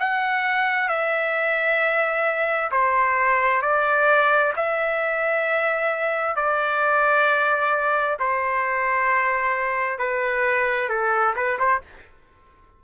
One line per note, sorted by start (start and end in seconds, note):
0.00 0.89 F#5
0.89 2.71 E5
2.71 3.62 C5
3.62 4.53 D5
4.56 6.36 E5
6.36 8.17 D5
8.19 9.99 C5
9.99 10.89 B4
10.89 11.35 A4
11.36 11.58 B4
11.59 11.81 C5